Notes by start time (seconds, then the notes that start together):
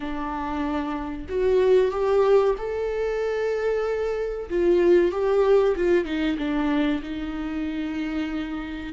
0.00 D4
1.29 F#4
1.91 G4
2.57 A4
4.49 F4
5.11 G4
5.76 F4
6.04 D#4
6.37 D4
7.02 D#4